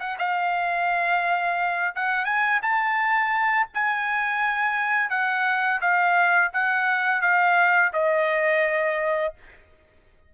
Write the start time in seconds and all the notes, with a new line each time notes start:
0.00 F#5
0.19 F5
1.95 F#5
2.25 G#5
2.62 A5
3.74 G#5
5.10 F#5
5.81 F5
6.53 F#5
7.22 F5
7.93 D#5